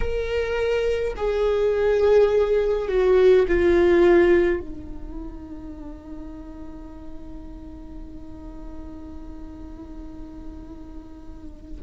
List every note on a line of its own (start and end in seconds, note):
0.00 1.14 A#4
1.16 2.88 G#4
2.88 3.46 F#4
3.48 4.59 F4
4.59 11.81 D#4